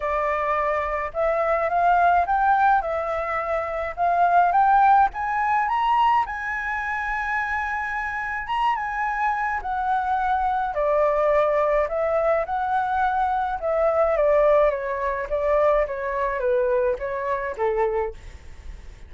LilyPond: \new Staff \with { instrumentName = "flute" } { \time 4/4 \tempo 4 = 106 d''2 e''4 f''4 | g''4 e''2 f''4 | g''4 gis''4 ais''4 gis''4~ | gis''2. ais''8 gis''8~ |
gis''4 fis''2 d''4~ | d''4 e''4 fis''2 | e''4 d''4 cis''4 d''4 | cis''4 b'4 cis''4 a'4 | }